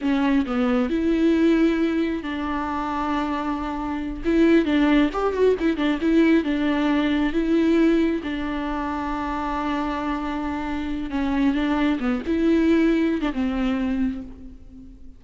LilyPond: \new Staff \with { instrumentName = "viola" } { \time 4/4 \tempo 4 = 135 cis'4 b4 e'2~ | e'4 d'2.~ | d'4. e'4 d'4 g'8 | fis'8 e'8 d'8 e'4 d'4.~ |
d'8 e'2 d'4.~ | d'1~ | d'4 cis'4 d'4 b8 e'8~ | e'4.~ e'16 d'16 c'2 | }